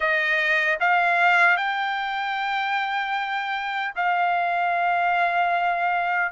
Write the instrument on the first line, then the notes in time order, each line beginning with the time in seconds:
trumpet
0.00 D#5
0.80 F5
1.56 G5
3.95 F5